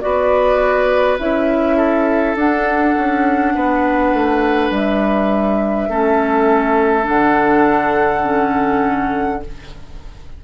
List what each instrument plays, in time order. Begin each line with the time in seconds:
0.00 bassoon B3, clarinet F#4, oboe B4, flute D5
1.19 bassoon C#4, clarinet E4, flute E5
1.76 oboe A4
2.35 bassoon D4, clarinet D4, flute F#5
2.97 bassoon C#4
3.54 bassoon B3, oboe B4
4.13 bassoon A3
4.70 bassoon G3, flute E5
5.89 bassoon A3, clarinet C#4, oboe A4
7.03 bassoon D3, clarinet D4, flute F#5
8.23 clarinet C#4